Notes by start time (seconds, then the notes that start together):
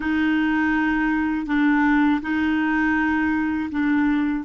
0.00 D#4
1.46 D4
2.21 D#4
3.70 D4